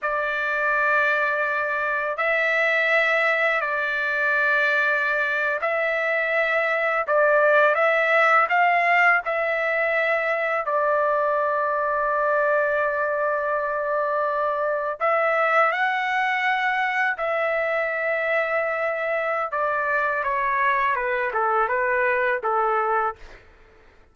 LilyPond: \new Staff \with { instrumentName = "trumpet" } { \time 4/4 \tempo 4 = 83 d''2. e''4~ | e''4 d''2~ d''8. e''16~ | e''4.~ e''16 d''4 e''4 f''16~ | f''8. e''2 d''4~ d''16~ |
d''1~ | d''8. e''4 fis''2 e''16~ | e''2. d''4 | cis''4 b'8 a'8 b'4 a'4 | }